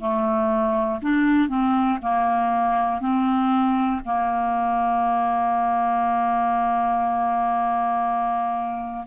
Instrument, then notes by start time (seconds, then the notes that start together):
clarinet
0.00 A3
1.02 D4
1.49 C4
2.02 A#3
3.00 C4
4.05 A#3